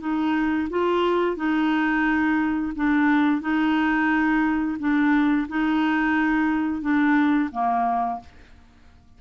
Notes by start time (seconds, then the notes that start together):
0.00 D#4
0.70 F4
1.36 D#4
2.76 D4
3.41 D#4
4.79 D4
5.48 D#4
6.81 D4
7.52 A#3